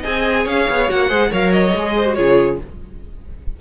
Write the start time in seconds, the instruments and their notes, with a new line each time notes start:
0.00 cello C4, viola G#4, violin D#5 G#5
0.44 cello C#4, violin C#5 F5
0.70 cello B3
0.88 cello A#3, viola F#4, violin F#5
1.09 cello G#3, viola G#4, violin C5
1.30 cello F#3, viola A#4, violin C#5 F5
1.52 violin D#5
1.76 cello G#3, viola G#4
1.97 violin C5
2.07 viola F#4
2.15 cello C#3, viola F4, violin G#4 C#5